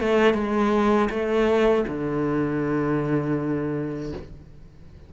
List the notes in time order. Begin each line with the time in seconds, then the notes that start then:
0.00 A3
0.34 G#3
1.10 A3
1.88 D3